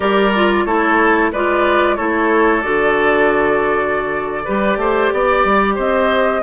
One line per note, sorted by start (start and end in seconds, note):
0.00 0.64 G3
0.00 0.30 G4
0.00 0.64 A#4
0.00 0.65 D5
0.35 0.67 F4
0.65 1.31 A3
0.65 1.33 E4
0.65 1.31 A4
0.65 1.30 C#5
1.31 1.98 G#3
1.31 1.98 F4
1.31 1.96 B4
1.31 1.96 D5
1.96 2.64 A3
1.96 2.62 E4
1.96 4.43 A4
1.96 2.61 C#5
2.61 4.45 D3
2.61 4.43 F#4
2.61 5.74 D5
4.44 4.77 G3
4.44 6.43 G4
4.44 4.77 B4
4.77 5.09 A3
4.77 5.13 C5
5.12 5.44 B3
5.12 5.75 D5
5.44 5.77 G3
5.75 6.43 C4
5.75 6.41 C5
5.75 6.43 D#5